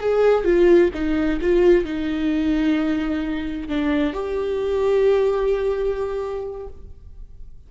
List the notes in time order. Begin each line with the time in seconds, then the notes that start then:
0.00 G#4
0.44 F4
0.94 D#4
1.41 F4
1.85 D#4
3.68 D4
4.13 G4